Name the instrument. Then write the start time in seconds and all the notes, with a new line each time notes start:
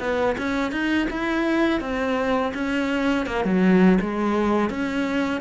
cello
0.00 B3
0.38 C#4
0.72 D#4
1.10 E4
1.80 C4
2.54 C#4
3.26 A#3
3.44 F#3
4.01 G#3
4.70 C#4